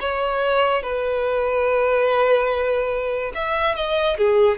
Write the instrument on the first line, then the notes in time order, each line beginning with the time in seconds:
violin
0.00 C#5
0.83 B4
3.34 E5
3.75 D#5
4.17 G#4